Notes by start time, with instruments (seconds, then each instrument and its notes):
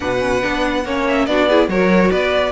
0.00 cello B2, viola D4, violin B4 F#5
0.19 viola C#4
0.42 cello B3, viola D4
0.84 cello A#3, viola C#4, violin C#5
1.08 violin E5
1.26 cello B3, viola D4, violin F#4 D5
1.48 viola E4, violin G#4
1.68 cello F#3, viola F#4, violin A#4 C#5
2.10 cello B3, violin B4 D5